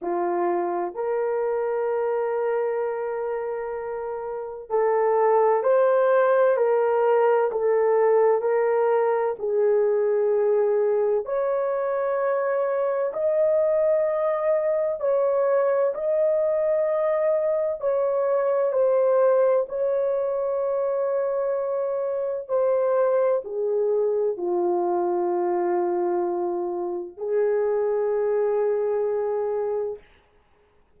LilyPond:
\new Staff \with { instrumentName = "horn" } { \time 4/4 \tempo 4 = 64 f'4 ais'2.~ | ais'4 a'4 c''4 ais'4 | a'4 ais'4 gis'2 | cis''2 dis''2 |
cis''4 dis''2 cis''4 | c''4 cis''2. | c''4 gis'4 f'2~ | f'4 gis'2. | }